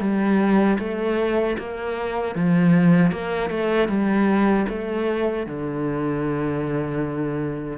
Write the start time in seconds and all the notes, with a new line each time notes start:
0.00 G3
0.79 A3
1.58 A#3
2.35 F3
3.12 A#3
3.50 A3
3.88 G3
4.69 A3
5.46 D3